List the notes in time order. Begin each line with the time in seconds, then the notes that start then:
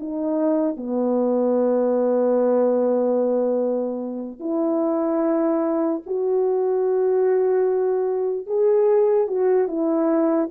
0.00 D#4
0.77 B3
4.40 E4
6.06 F#4
8.47 G#4
9.28 F#4
9.68 E4